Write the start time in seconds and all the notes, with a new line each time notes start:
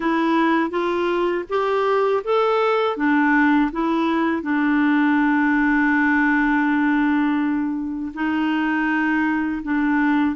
0.00 E4
0.70 F4
1.49 G4
2.24 A4
2.96 D4
3.71 E4
4.42 D4
8.13 D#4
9.62 D4